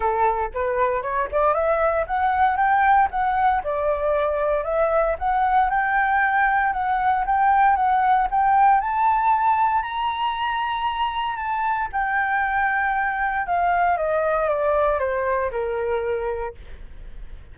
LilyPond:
\new Staff \with { instrumentName = "flute" } { \time 4/4 \tempo 4 = 116 a'4 b'4 cis''8 d''8 e''4 | fis''4 g''4 fis''4 d''4~ | d''4 e''4 fis''4 g''4~ | g''4 fis''4 g''4 fis''4 |
g''4 a''2 ais''4~ | ais''2 a''4 g''4~ | g''2 f''4 dis''4 | d''4 c''4 ais'2 | }